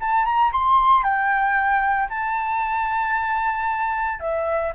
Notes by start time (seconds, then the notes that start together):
0.00 A5
0.25 A#5
0.52 C6
1.03 G5
2.09 A5
4.20 E5